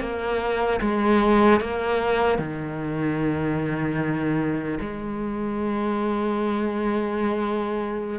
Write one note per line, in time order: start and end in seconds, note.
0.00 0.80 A#3
0.81 1.60 G#3
1.60 2.38 A#3
2.38 4.78 D#3
4.80 8.19 G#3